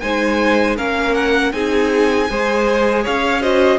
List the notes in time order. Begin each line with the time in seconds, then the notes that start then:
0.00 G#3 D#4 C5 G#5
0.77 A#3 C#4 A#4 F5
1.15 F#5
1.52 C4 D#4 G#4 G#5
2.30 G#3 G#4 C5
3.03 C#4 C#5 F5
3.41 F#4 C5 D#5